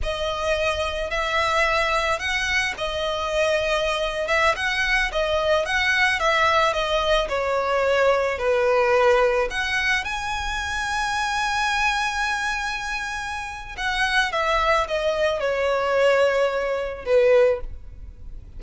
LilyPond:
\new Staff \with { instrumentName = "violin" } { \time 4/4 \tempo 4 = 109 dis''2 e''2 | fis''4 dis''2~ dis''8. e''16~ | e''16 fis''4 dis''4 fis''4 e''8.~ | e''16 dis''4 cis''2 b'8.~ |
b'4~ b'16 fis''4 gis''4.~ gis''16~ | gis''1~ | gis''4 fis''4 e''4 dis''4 | cis''2. b'4 | }